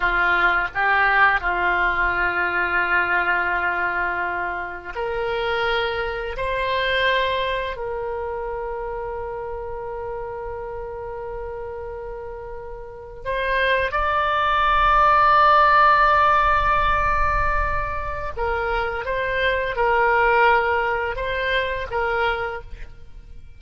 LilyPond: \new Staff \with { instrumentName = "oboe" } { \time 4/4 \tempo 4 = 85 f'4 g'4 f'2~ | f'2. ais'4~ | ais'4 c''2 ais'4~ | ais'1~ |
ais'2~ ais'8. c''4 d''16~ | d''1~ | d''2 ais'4 c''4 | ais'2 c''4 ais'4 | }